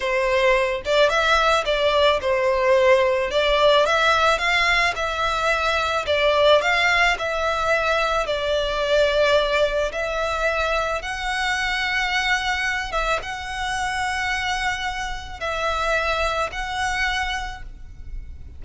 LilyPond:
\new Staff \with { instrumentName = "violin" } { \time 4/4 \tempo 4 = 109 c''4. d''8 e''4 d''4 | c''2 d''4 e''4 | f''4 e''2 d''4 | f''4 e''2 d''4~ |
d''2 e''2 | fis''2.~ fis''8 e''8 | fis''1 | e''2 fis''2 | }